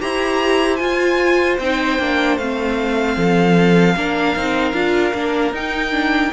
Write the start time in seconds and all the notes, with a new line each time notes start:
0.00 E4 G4 C5 A#5
0.76 F4 G#5
1.59 C4 D#4 G5
1.99 A#3 D4
2.37 A3 C4 F5
3.17 F3 A4
3.96 A#3 D4 A#4
4.36 C4 D#4
4.73 D4 F4
5.13 A#3 D4
5.52 D#4 G5
5.92 D4